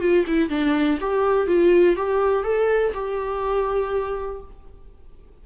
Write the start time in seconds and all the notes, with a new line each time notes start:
0.00 F4
0.27 E4
0.49 D4
1.00 G4
1.47 F4
1.96 G4
2.44 A4
2.94 G4